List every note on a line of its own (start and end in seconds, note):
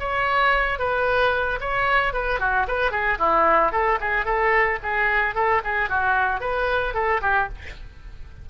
0.00 0.79 C#5
0.79 1.60 B4
1.61 2.13 C#5
2.13 2.40 B4
2.40 2.67 F#4
2.68 2.91 B4
2.91 3.18 G#4
3.19 3.72 E4
3.73 3.99 A4
4.01 4.26 G#4
4.26 4.79 A4
4.83 5.35 G#4
5.35 5.62 A4
5.64 5.90 G#4
5.90 6.41 F#4
6.41 6.94 B4
6.94 7.21 A4
7.22 7.49 G4